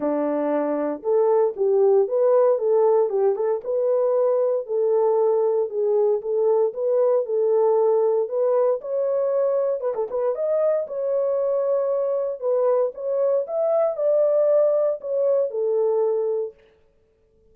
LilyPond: \new Staff \with { instrumentName = "horn" } { \time 4/4 \tempo 4 = 116 d'2 a'4 g'4 | b'4 a'4 g'8 a'8 b'4~ | b'4 a'2 gis'4 | a'4 b'4 a'2 |
b'4 cis''2 b'16 a'16 b'8 | dis''4 cis''2. | b'4 cis''4 e''4 d''4~ | d''4 cis''4 a'2 | }